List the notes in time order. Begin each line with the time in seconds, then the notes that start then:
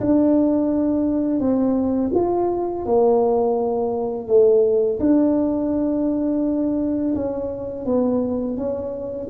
0.00 D4
1.40 C4
2.14 F4
2.85 A#3
4.27 A3
5.00 D4
7.15 C#4
7.85 B3
8.57 C#4